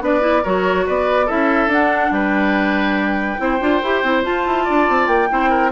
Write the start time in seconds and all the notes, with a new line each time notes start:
0.00 B3 D4 B4 D5
0.21 E4
0.43 F#3 F#4 A#4 C#5
0.87 B3 B4 D5
1.26 C#4 E4 A4 E5
1.67 D4 F#5
2.11 G3 B4 G5
3.38 C4 E4 C5
3.60 D4 F4
3.83 E4 G4
4.03 C4 E4
4.23 F4 A5
4.46 E4
4.65 D4 D5
4.89 C4
5.07 A#3 G5
5.29 C4 E4 C5
5.50 A#4